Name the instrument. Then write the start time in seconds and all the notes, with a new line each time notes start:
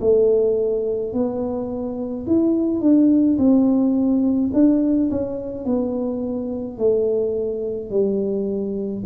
tuba
0.00 A3
1.13 B3
2.26 E4
2.80 D4
3.38 C4
4.53 D4
5.10 C#4
5.65 B3
6.78 A3
7.90 G3